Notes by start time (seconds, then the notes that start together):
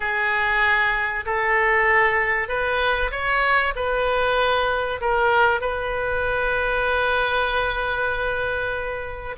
0.00 G#4
1.25 A4
2.48 B4
3.11 C#5
3.75 B4
5.00 A#4
5.61 B4